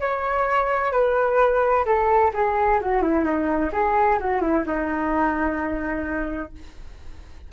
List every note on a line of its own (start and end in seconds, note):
0.00 0.92 C#5
0.92 1.85 B4
1.86 2.32 A4
2.34 2.80 G#4
2.81 3.02 F#4
3.02 3.24 E4
3.24 3.71 D#4
3.73 4.19 G#4
4.19 4.41 F#4
4.41 4.65 E4
4.66 6.52 D#4